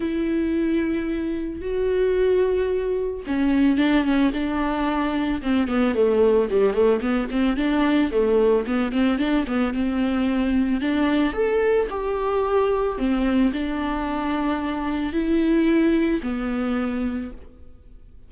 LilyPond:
\new Staff \with { instrumentName = "viola" } { \time 4/4 \tempo 4 = 111 e'2. fis'4~ | fis'2 cis'4 d'8 cis'8 | d'2 c'8 b8 a4 | g8 a8 b8 c'8 d'4 a4 |
b8 c'8 d'8 b8 c'2 | d'4 a'4 g'2 | c'4 d'2. | e'2 b2 | }